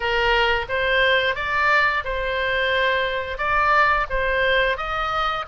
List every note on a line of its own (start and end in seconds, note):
0.00 0.65 A#4
0.68 1.35 C5
1.35 2.03 D5
2.04 3.37 C5
3.37 4.06 D5
4.09 4.77 C5
4.77 5.45 D#5